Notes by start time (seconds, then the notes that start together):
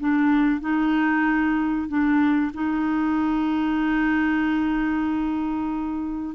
0.00 D4
0.61 D#4
1.88 D4
2.54 D#4